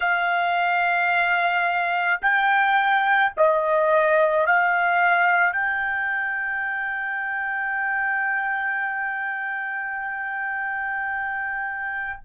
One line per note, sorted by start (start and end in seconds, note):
0.00 2.20 F5
2.21 3.32 G5
3.36 4.46 D#5
4.46 5.53 F5
5.53 12.19 G5